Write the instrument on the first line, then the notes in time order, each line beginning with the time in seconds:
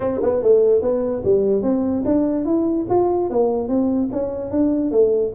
tuba
0.00 C4
0.22 B3
0.42 A3
0.81 B3
1.24 G3
1.62 C4
2.05 D4
2.45 E4
2.89 F4
3.30 A#3
3.68 C4
4.12 C#4
4.50 D4
4.91 A3